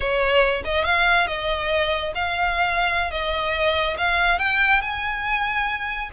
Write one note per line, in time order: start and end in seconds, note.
0.00 0.62 C#5
0.64 0.84 D#5
0.84 1.27 F5
1.27 2.13 D#5
2.14 3.11 F5
3.11 3.96 D#5
3.97 4.38 F5
4.38 4.81 G5
4.81 6.10 G#5